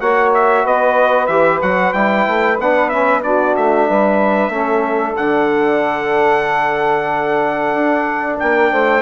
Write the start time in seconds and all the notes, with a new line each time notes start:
0.00 A#3 F#4 C#5 F#5
0.34 E5
0.64 B3 B4 D#5
1.27 E3 G4 E5
1.62 F#3 F#4 F#5
1.93 G3 E4 G5
2.27 A3
2.58 B3 D4 F#5
2.89 C#4 E5
3.23 D4 F#4 D5
3.56 A3 E5
3.88 G3 B4
4.49 A3 C#4 A4
5.16 D3 D4 F#5
7.74 D4
8.39 A#3 A#4 G5
8.72 A3 C5